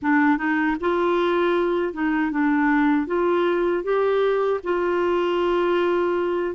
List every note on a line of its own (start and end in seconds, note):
0.02 0.37 D4
0.37 0.76 D#4
0.80 1.93 F4
1.93 2.31 D#4
2.31 3.07 D4
3.07 3.83 F4
3.83 4.60 G4
4.63 6.55 F4